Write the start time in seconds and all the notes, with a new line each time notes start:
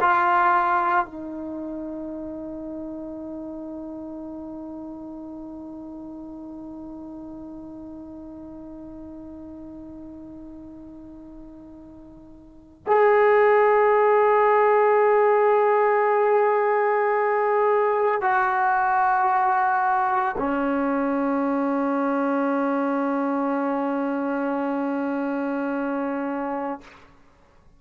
0.00 F4
1.05 D#4
12.86 G#4
18.21 F#4
20.38 C#4